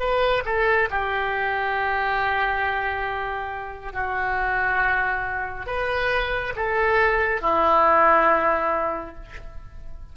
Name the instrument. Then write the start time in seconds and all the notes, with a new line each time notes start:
oboe
0.00 B4
0.45 A4
0.91 G4
3.93 F#4
5.66 B4
6.56 A4
7.41 E4